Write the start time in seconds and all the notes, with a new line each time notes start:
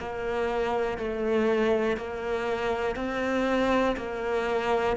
0.00 A#3
0.98 A3
1.98 A#3
2.96 C4
3.97 A#3